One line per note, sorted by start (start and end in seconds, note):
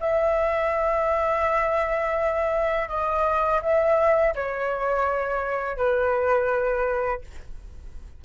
0.00 2.88 E5
2.88 3.61 D#5
3.62 4.34 E5
4.35 5.77 C#5
5.77 7.21 B4